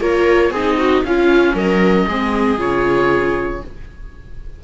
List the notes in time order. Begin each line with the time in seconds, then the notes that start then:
0.00 A#3 F4 A#4 C#5
0.50 C4 D#4 G#4 D#5
0.79 F#4
1.04 C#4 F4 F5
1.54 F#3 A#4 D#5
2.08 G#3 C4 G#4
2.58 C#3 F4 C#5